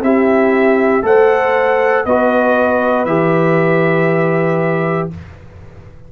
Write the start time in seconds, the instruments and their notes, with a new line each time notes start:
0.00 tuba C4, trombone E4, horn G4, trumpet E5
1.03 tuba A3, trombone A4, horn C5, trumpet F#5
2.05 tuba B3, trombone F#4, horn B4, trumpet D#5
3.06 tuba E3, trombone G4, trumpet E5